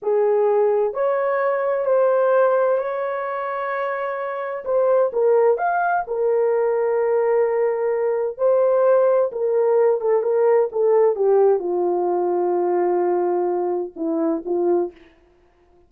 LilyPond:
\new Staff \with { instrumentName = "horn" } { \time 4/4 \tempo 4 = 129 gis'2 cis''2 | c''2 cis''2~ | cis''2 c''4 ais'4 | f''4 ais'2.~ |
ais'2 c''2 | ais'4. a'8 ais'4 a'4 | g'4 f'2.~ | f'2 e'4 f'4 | }